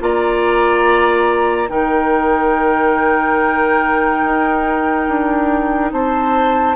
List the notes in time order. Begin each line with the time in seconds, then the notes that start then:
0.00 A#3 F4 D5 A#5
1.68 D#3 D#4 A#4 G5
4.23 D#4
5.07 D4
5.92 C4 C5 A5